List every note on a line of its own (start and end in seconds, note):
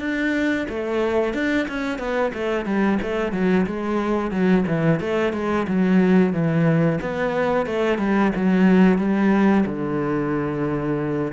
0.00 0.67 D4
0.69 1.34 A3
1.34 1.67 D4
1.68 1.98 C#4
1.98 2.32 B3
2.34 2.65 A3
2.65 2.98 G3
3.02 3.32 A3
3.32 3.65 F#3
3.66 4.31 G#3
4.31 4.64 F#3
4.67 5.00 E3
5.00 5.33 A3
5.33 5.66 G#3
5.67 6.33 F#3
6.33 6.99 E3
7.01 7.66 B3
7.66 7.98 A3
7.98 8.32 G3
8.35 8.98 F#3
8.98 9.65 G3
9.66 11.32 D3